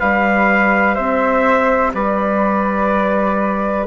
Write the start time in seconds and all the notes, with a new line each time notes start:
0.00 G3 G4 B4 F5
0.95 C4 C5 E5
1.94 G3 B4 D5